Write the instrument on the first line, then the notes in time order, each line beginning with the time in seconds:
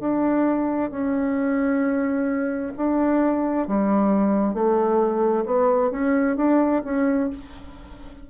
bassoon
0.00 D4
0.90 C#4
2.77 D4
3.67 G3
4.54 A3
5.45 B3
5.91 C#4
6.37 D4
6.84 C#4